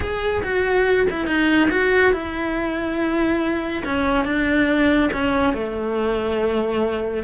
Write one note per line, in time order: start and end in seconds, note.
0.00 0.42 G#4
0.43 1.07 F#4
1.09 1.26 E4
1.26 1.69 D#4
1.70 2.13 F#4
2.13 3.83 E4
3.85 4.24 C#4
4.24 5.09 D4
5.12 5.53 C#4
5.53 7.23 A3